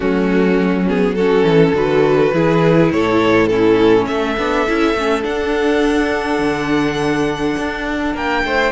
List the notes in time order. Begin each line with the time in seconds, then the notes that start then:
0.00 F#3 A3 C#4 F#4
0.87 B3 G#4
1.15 C#4 F#4 A4
1.43 E3 A4
1.72 D3 F#4 B4
2.33 E3 E4 G#4
2.91 A2 A4 C#5
3.46 C#4 E4 A4
4.07 A3 A4 E5
4.38 B3 D4
4.67 C#4 E4
4.94 A3 C#4
5.22 D4 F#5
6.39 D3
7.57 D4
8.14 A#3 A#4 G5
8.44 A3 C5